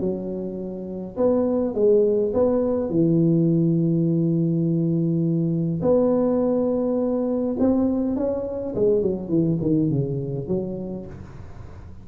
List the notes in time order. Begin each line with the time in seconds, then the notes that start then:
0.00 F#3
1.17 B3
1.75 G#3
2.34 B3
2.90 E3
5.82 B3
7.60 C4
8.17 C#4
8.75 G#3
9.02 F#3
9.29 E3
9.61 D#3
9.90 C#3
10.48 F#3